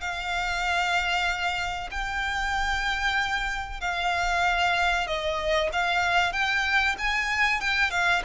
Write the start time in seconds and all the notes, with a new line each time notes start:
0.00 F5
1.91 G5
3.80 F5
5.06 D#5
5.72 F5
6.32 G5
6.98 G#5
7.60 G5
7.90 F5